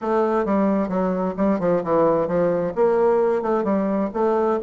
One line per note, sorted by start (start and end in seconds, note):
0.01 0.45 A3
0.45 0.88 G3
0.88 1.34 F#3
1.37 1.59 G3
1.59 1.82 F3
1.83 2.27 E3
2.27 2.73 F3
2.75 3.42 A#3
3.42 3.63 A3
3.63 4.09 G3
4.13 4.59 A3